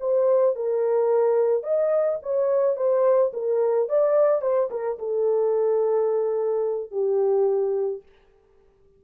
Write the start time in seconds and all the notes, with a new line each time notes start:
0.00 C5
0.56 A#4
1.63 D#5
2.22 C#5
2.76 C5
3.33 A#4
3.89 D5
4.41 C5
4.70 A#4
4.98 A4
6.91 G4